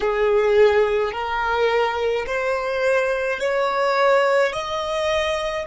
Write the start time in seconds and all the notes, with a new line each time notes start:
0.00 G#4
1.12 A#4
2.26 C5
3.40 C#5
4.53 D#5